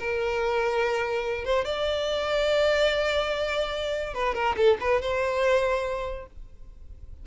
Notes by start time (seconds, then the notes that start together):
0.00 A#4
1.45 C5
1.65 D5
4.14 B4
4.35 A#4
4.57 A4
4.81 B4
5.02 C5